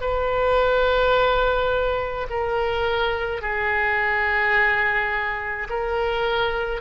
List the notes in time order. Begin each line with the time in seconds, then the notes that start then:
0.00 B4
2.30 A#4
3.41 G#4
5.69 A#4